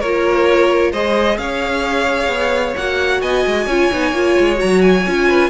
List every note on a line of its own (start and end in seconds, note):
0.00 0.92 A#3
0.00 0.94 F4
0.00 0.92 A#4
0.00 0.92 C#5
0.92 1.38 G#3
0.92 2.78 G#4
0.92 1.38 C5
0.92 1.38 D#5
1.38 2.28 C#4
1.38 3.22 C#5
1.38 2.76 F5
2.28 2.74 B3
2.77 3.22 A#3
2.77 3.70 F#4
2.77 3.22 F#5
3.22 3.45 B3
3.22 3.67 D#5
3.22 4.59 G#5
3.46 3.67 G#3
3.67 3.90 C#4
3.67 3.92 F4
3.67 5.27 C#5
3.92 4.13 B3
3.92 4.15 D#4
4.13 4.36 A#3
4.13 4.56 F4
4.40 4.62 G#3
4.56 5.02 F#4
4.56 4.82 A#5
4.63 5.07 F#3
4.82 5.50 G#5
5.07 5.50 C#4
5.07 5.50 F4
5.28 5.50 B4